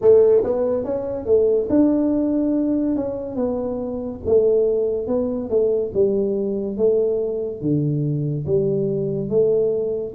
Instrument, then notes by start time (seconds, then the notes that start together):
tuba
0.01 A3
0.43 B3
0.84 C#4
1.25 A3
1.69 D4
2.95 C#4
3.35 B3
4.25 A3
5.07 B3
5.49 A3
5.94 G3
6.77 A3
7.61 D3
8.46 G3
9.29 A3